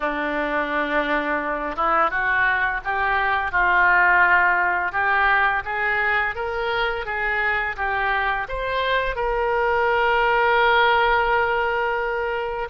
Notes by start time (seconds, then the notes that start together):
0.00 D4
1.76 E4
2.10 F#4
2.84 G4
3.51 F4
4.92 G4
5.64 G#4
6.35 A#4
7.05 G#4
7.76 G4
8.48 C5
9.15 A#4